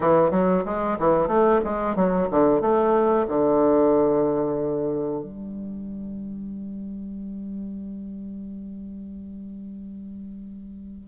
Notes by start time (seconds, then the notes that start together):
0.00 E3
0.31 F#3
0.65 G#3
0.98 E3
1.27 A3
1.64 G#3
1.95 F#3
2.30 D3
2.61 A3
3.28 D3
5.23 G3